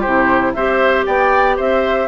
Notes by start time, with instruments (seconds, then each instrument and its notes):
0.00 bassoon C3, clarinet E4, oboe G4, flute C5
0.53 bassoon C4, clarinet G4, oboe C5, flute E5
1.06 bassoon B3, oboe D5, flute G5
1.57 bassoon C4, oboe C5, flute E5